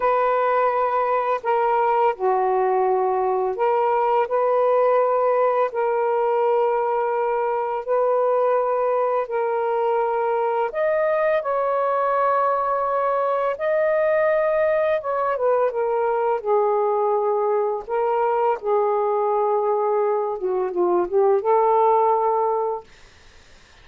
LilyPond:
\new Staff \with { instrumentName = "saxophone" } { \time 4/4 \tempo 4 = 84 b'2 ais'4 fis'4~ | fis'4 ais'4 b'2 | ais'2. b'4~ | b'4 ais'2 dis''4 |
cis''2. dis''4~ | dis''4 cis''8 b'8 ais'4 gis'4~ | gis'4 ais'4 gis'2~ | gis'8 fis'8 f'8 g'8 a'2 | }